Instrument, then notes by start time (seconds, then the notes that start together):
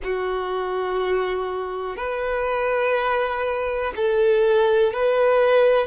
violin
0.03 F#4
1.96 B4
3.96 A4
4.93 B4